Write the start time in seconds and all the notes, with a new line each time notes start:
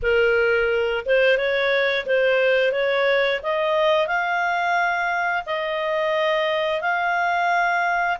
0.02 A#4
1.05 C5
1.37 C#5
2.05 C5
2.72 C#5
3.42 D#5
4.07 F5
5.46 D#5
6.81 F5